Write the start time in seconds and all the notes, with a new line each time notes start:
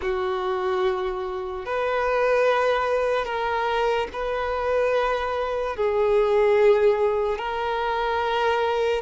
0.01 F#4
1.65 B4
3.25 A#4
4.12 B4
5.76 G#4
7.38 A#4